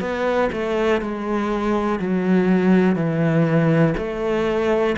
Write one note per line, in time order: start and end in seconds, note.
0.00 0.49 B3
0.52 1.01 A3
1.01 1.99 G#3
1.99 2.96 F#3
2.96 3.94 E3
3.97 4.95 A3